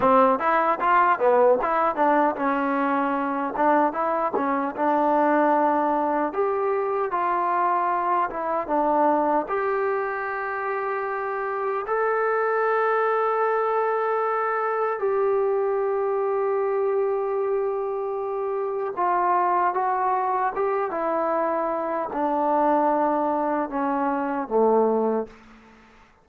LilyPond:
\new Staff \with { instrumentName = "trombone" } { \time 4/4 \tempo 4 = 76 c'8 e'8 f'8 b8 e'8 d'8 cis'4~ | cis'8 d'8 e'8 cis'8 d'2 | g'4 f'4. e'8 d'4 | g'2. a'4~ |
a'2. g'4~ | g'1 | f'4 fis'4 g'8 e'4. | d'2 cis'4 a4 | }